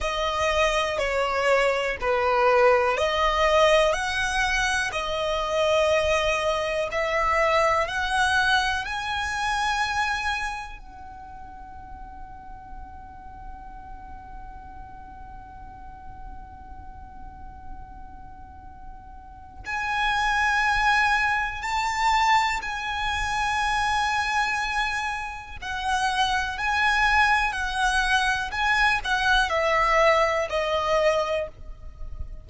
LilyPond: \new Staff \with { instrumentName = "violin" } { \time 4/4 \tempo 4 = 61 dis''4 cis''4 b'4 dis''4 | fis''4 dis''2 e''4 | fis''4 gis''2 fis''4~ | fis''1~ |
fis''1 | gis''2 a''4 gis''4~ | gis''2 fis''4 gis''4 | fis''4 gis''8 fis''8 e''4 dis''4 | }